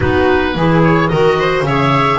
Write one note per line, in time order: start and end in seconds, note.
0.00 0.55 B3
0.00 0.55 D#4
0.00 0.53 F#4
0.00 0.81 B4
0.55 1.11 E3
0.55 1.11 E4
0.55 1.12 G#4
0.83 1.08 C#5
1.08 1.62 D#3
1.08 1.66 F#4
1.08 1.39 A#4
1.08 1.63 D#5
1.39 1.67 C5
1.62 2.17 C#3
1.62 2.18 G#4
1.62 2.18 C#5
1.62 2.18 E5